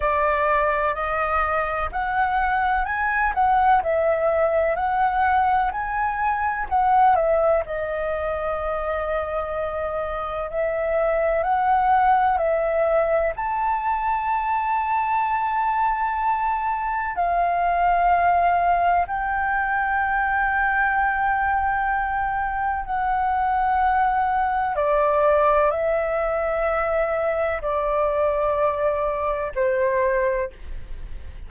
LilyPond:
\new Staff \with { instrumentName = "flute" } { \time 4/4 \tempo 4 = 63 d''4 dis''4 fis''4 gis''8 fis''8 | e''4 fis''4 gis''4 fis''8 e''8 | dis''2. e''4 | fis''4 e''4 a''2~ |
a''2 f''2 | g''1 | fis''2 d''4 e''4~ | e''4 d''2 c''4 | }